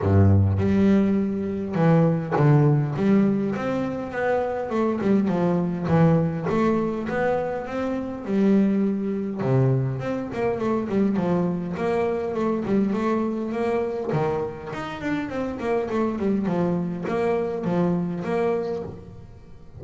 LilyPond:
\new Staff \with { instrumentName = "double bass" } { \time 4/4 \tempo 4 = 102 g,4 g2 e4 | d4 g4 c'4 b4 | a8 g8 f4 e4 a4 | b4 c'4 g2 |
c4 c'8 ais8 a8 g8 f4 | ais4 a8 g8 a4 ais4 | dis4 dis'8 d'8 c'8 ais8 a8 g8 | f4 ais4 f4 ais4 | }